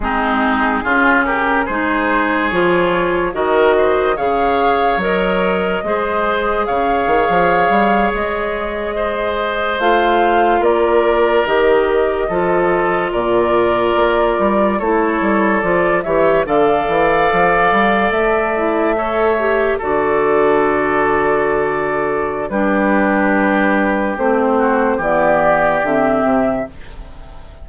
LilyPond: <<
  \new Staff \with { instrumentName = "flute" } { \time 4/4 \tempo 4 = 72 gis'4. ais'8 c''4 cis''4 | dis''4 f''4 dis''2 | f''4.~ f''16 dis''2 f''16~ | f''8. d''4 dis''2 d''16~ |
d''4.~ d''16 cis''4 d''8 e''8 f''16~ | f''4.~ f''16 e''2 d''16~ | d''2. b'4~ | b'4 c''4 d''4 e''4 | }
  \new Staff \with { instrumentName = "oboe" } { \time 4/4 dis'4 f'8 g'8 gis'2 | ais'8 c''8 cis''2 c''4 | cis''2~ cis''8. c''4~ c''16~ | c''8. ais'2 a'4 ais'16~ |
ais'4.~ ais'16 a'4. cis''8 d''16~ | d''2~ d''8. cis''4 a'16~ | a'2. g'4~ | g'4. fis'8 g'2 | }
  \new Staff \with { instrumentName = "clarinet" } { \time 4/4 c'4 cis'4 dis'4 f'4 | fis'4 gis'4 ais'4 gis'4~ | gis'2.~ gis'8. f'16~ | f'4.~ f'16 g'4 f'4~ f'16~ |
f'4.~ f'16 e'4 f'8 g'8 a'16~ | a'2~ a'16 e'8 a'8 g'8 fis'16~ | fis'2. d'4~ | d'4 c'4 b4 c'4 | }
  \new Staff \with { instrumentName = "bassoon" } { \time 4/4 gis4 cis4 gis4 f4 | dis4 cis4 fis4 gis4 | cis8 dis16 f8 g8 gis2 a16~ | a8. ais4 dis4 f4 ais,16~ |
ais,8. ais8 g8 a8 g8 f8 e8 d16~ | d16 e8 f8 g8 a2 d16~ | d2. g4~ | g4 a4 e4 d8 c8 | }
>>